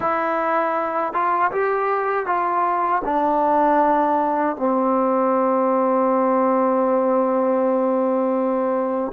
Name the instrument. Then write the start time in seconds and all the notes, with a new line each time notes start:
trombone
0.00 E4
1.13 F4
1.51 G4
2.26 F4
3.04 D4
4.56 C4